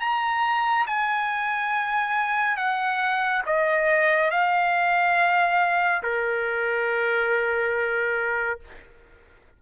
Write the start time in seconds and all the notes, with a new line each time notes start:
0.00 A#5
0.87 G#5
2.57 F#5
3.46 D#5
4.31 F5
6.02 A#4